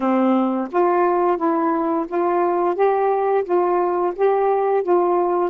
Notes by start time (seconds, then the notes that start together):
0.00 C4
0.71 F4
1.37 E4
2.08 F4
2.75 G4
3.44 F4
4.15 G4
4.83 F4